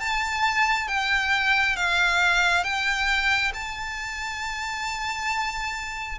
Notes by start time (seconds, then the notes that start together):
0.00 A5
0.88 G5
1.76 F5
2.64 G5
3.54 A5